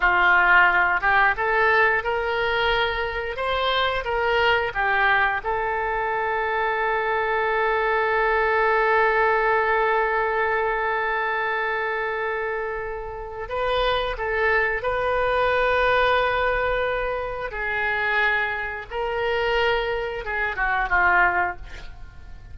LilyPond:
\new Staff \with { instrumentName = "oboe" } { \time 4/4 \tempo 4 = 89 f'4. g'8 a'4 ais'4~ | ais'4 c''4 ais'4 g'4 | a'1~ | a'1~ |
a'1 | b'4 a'4 b'2~ | b'2 gis'2 | ais'2 gis'8 fis'8 f'4 | }